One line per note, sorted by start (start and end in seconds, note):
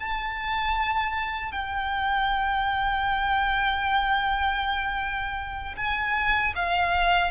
0.00 1.52 A5
1.52 5.76 G5
5.77 6.54 G#5
6.56 7.31 F5